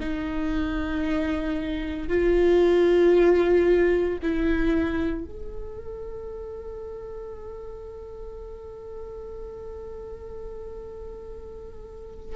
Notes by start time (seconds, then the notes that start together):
0.00 D#4
2.08 F4
4.22 E4
5.25 A4